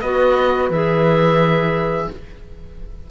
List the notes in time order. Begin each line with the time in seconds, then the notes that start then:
0.00 B3 F#4 B4 D#5
0.69 E3 G#4 E5